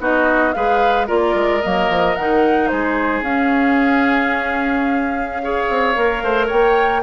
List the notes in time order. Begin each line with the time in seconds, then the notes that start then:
0.00 B3 D#4 F#4 D#5
0.53 G#3 G#4 B4 F5
1.07 A#3 F4 A#4 D5
1.34 G#3
1.61 F#3 A#3 D#5
1.89 F3
2.15 D#3 D#4 F#5
2.68 G#3 G#4 C5
3.22 C#4 F5
5.43 G#4 C#5
5.69 C4
5.95 A#3 A#4
6.23 A3 C5
6.47 A#3 C#5 G5